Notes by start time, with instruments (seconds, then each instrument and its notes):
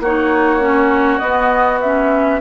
0.00 bassoon A#3, clarinet D#4, oboe F#4, flute C#5
0.60 clarinet C#4
1.19 clarinet B3, bassoon B3, flute D#5
1.80 clarinet C#4, flute E5